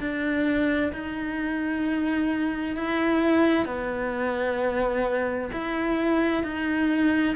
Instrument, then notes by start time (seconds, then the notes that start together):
cello
0.00 D4
0.93 D#4
2.77 E4
3.66 B3
5.53 E4
6.44 D#4